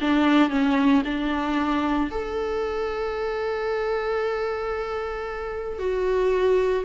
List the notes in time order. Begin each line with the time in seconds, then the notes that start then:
0.00 D4
0.49 C#4
1.04 D4
2.10 A4
5.78 F#4